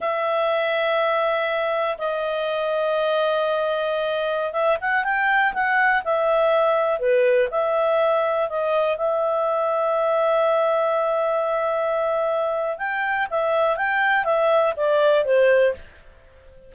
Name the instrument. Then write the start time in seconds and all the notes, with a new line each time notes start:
clarinet
0.00 E5
1.98 D#5
4.52 E5
4.80 F#5
5.04 G5
5.53 F#5
6.04 E5
6.99 B4
7.50 E5
8.49 D#5
8.97 E5
12.78 G5
13.30 E5
13.77 G5
14.24 E5
14.76 D5
15.25 C5